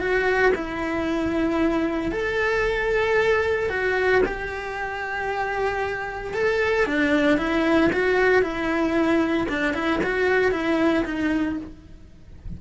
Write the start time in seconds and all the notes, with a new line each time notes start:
0.00 F#4
0.55 E4
2.12 A4
3.70 F#4
4.26 G4
6.34 A4
6.86 D4
7.38 E4
7.93 F#4
8.43 E4
9.49 D4
9.74 E4
10.04 F#4
10.52 E4
11.05 D#4